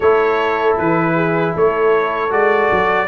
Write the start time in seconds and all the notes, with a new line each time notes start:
0.00 A3 E4 A4 C#5
0.78 E3 B4
1.14 G#4
1.54 A3 A4 C#5
2.30 G#3 F#4 D5
2.71 F#3